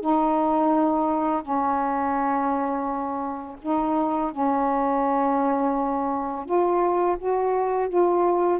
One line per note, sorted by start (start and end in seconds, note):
0.00 1.42 D#4
1.42 3.56 C#4
3.61 4.31 D#4
4.31 6.45 C#4
6.45 7.17 F4
7.19 7.88 F#4
7.88 8.59 F4